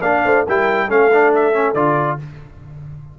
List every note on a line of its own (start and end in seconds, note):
0.00 0.22 A#3
0.00 0.47 D4
0.00 0.22 D5
0.00 0.45 F5
0.24 0.46 A3
0.24 0.46 C5
0.46 0.89 G3
0.46 0.89 E4
0.46 0.88 A#4
0.46 0.90 G5
0.88 1.73 A3
0.88 1.10 C#4
0.88 2.18 A4
0.88 1.33 F5
1.12 1.53 D4
1.34 1.74 E5
1.53 1.75 C#4
1.73 2.17 D3
1.73 2.19 F4
1.73 2.18 D5